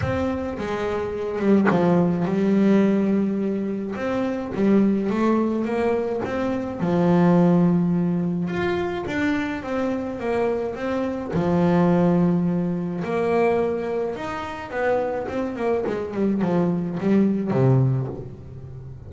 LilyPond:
\new Staff \with { instrumentName = "double bass" } { \time 4/4 \tempo 4 = 106 c'4 gis4. g8 f4 | g2. c'4 | g4 a4 ais4 c'4 | f2. f'4 |
d'4 c'4 ais4 c'4 | f2. ais4~ | ais4 dis'4 b4 c'8 ais8 | gis8 g8 f4 g4 c4 | }